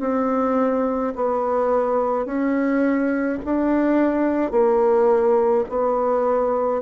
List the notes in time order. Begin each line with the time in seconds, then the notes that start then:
0.00 C4
1.15 B3
2.25 C#4
3.45 D4
4.51 A#3
5.69 B3